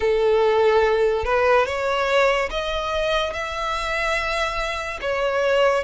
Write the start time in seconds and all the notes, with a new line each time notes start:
0.00 A4
1.24 B4
1.66 C#5
2.50 D#5
3.33 E5
5.01 C#5